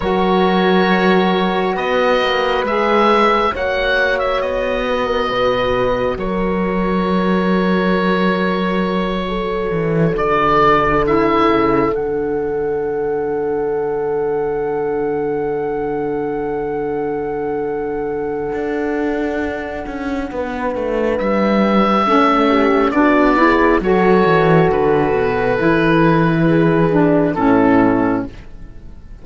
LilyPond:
<<
  \new Staff \with { instrumentName = "oboe" } { \time 4/4 \tempo 4 = 68 cis''2 dis''4 e''4 | fis''8. e''16 dis''2 cis''4~ | cis''2.~ cis''8 d''8~ | d''8 e''4 fis''2~ fis''8~ |
fis''1~ | fis''1 | e''2 d''4 cis''4 | b'2. a'4 | }
  \new Staff \with { instrumentName = "horn" } { \time 4/4 ais'2 b'2 | cis''4. b'16 ais'16 b'4 ais'4~ | ais'2~ ais'8 a'4.~ | a'1~ |
a'1~ | a'2. b'4~ | b'4 a'8 g'8 fis'8 gis'8 a'4~ | a'2 gis'4 e'4 | }
  \new Staff \with { instrumentName = "saxophone" } { \time 4/4 fis'2. gis'4 | fis'1~ | fis'1~ | fis'8 e'4 d'2~ d'8~ |
d'1~ | d'1~ | d'4 cis'4 d'8 e'8 fis'4~ | fis'4 e'4. d'8 cis'4 | }
  \new Staff \with { instrumentName = "cello" } { \time 4/4 fis2 b8 ais8 gis4 | ais4 b4 b,4 fis4~ | fis2. e8 d8~ | d4 cis8 d2~ d8~ |
d1~ | d4 d'4. cis'8 b8 a8 | g4 a4 b4 fis8 e8 | d8 b,8 e2 a,4 | }
>>